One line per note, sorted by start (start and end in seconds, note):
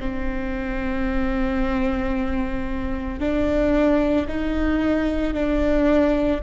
0.00 3.20 C4
3.20 4.27 D4
4.28 5.34 D#4
5.34 6.41 D4